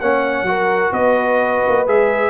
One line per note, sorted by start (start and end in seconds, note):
0.00 0.42 A#3
0.00 0.46 C#4
0.00 0.47 C#5
0.00 0.93 F#5
0.42 0.89 F#3
0.42 1.87 F#4
0.49 0.93 A#4
0.92 1.62 B3
0.92 2.30 B4
0.92 1.87 D#5
1.67 1.87 A#3
1.87 2.30 G#3
1.87 2.30 G#4
1.87 2.30 E5